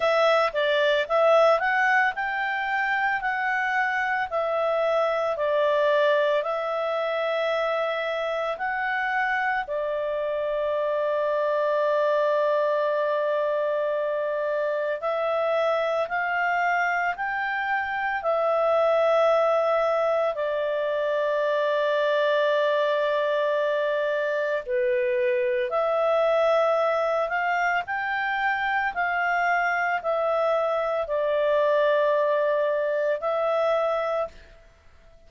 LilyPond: \new Staff \with { instrumentName = "clarinet" } { \time 4/4 \tempo 4 = 56 e''8 d''8 e''8 fis''8 g''4 fis''4 | e''4 d''4 e''2 | fis''4 d''2.~ | d''2 e''4 f''4 |
g''4 e''2 d''4~ | d''2. b'4 | e''4. f''8 g''4 f''4 | e''4 d''2 e''4 | }